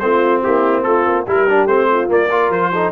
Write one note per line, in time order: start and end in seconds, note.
0.00 0.44 A3
0.00 1.27 C4
0.00 0.44 F4
0.00 0.42 C5
0.44 0.86 A#3
0.44 0.86 E4
0.44 0.83 G4
0.83 1.06 A3
0.83 1.27 F4
0.83 1.25 A4
1.06 1.27 A#3
1.27 1.67 G3
1.27 1.48 E4
1.27 1.91 G4
1.27 1.67 A#4
1.49 1.70 D4
1.67 2.08 A3
1.67 2.09 C4
1.67 2.09 C5
1.91 2.29 F4
2.09 2.30 A#3
2.09 2.50 A#3
2.09 2.52 D5
2.29 2.73 F4
2.29 2.71 A#4
2.50 2.91 F3
2.50 2.92 C5
2.72 2.92 D#4
2.72 2.92 A4